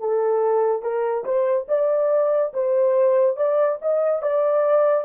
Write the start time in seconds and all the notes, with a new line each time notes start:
0.00 A4
0.82 A#4
1.25 C5
1.68 D5
2.54 C5
3.36 D5
3.81 D#5
4.22 D5